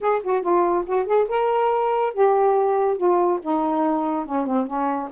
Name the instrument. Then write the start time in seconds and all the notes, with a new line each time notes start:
saxophone
0.00 G#4
0.22 F#4
0.42 F4
0.86 F#4
1.06 G#4
1.28 A#4
2.13 G4
2.97 F4
3.42 D#4
4.25 C#4
4.46 C4
4.66 C#4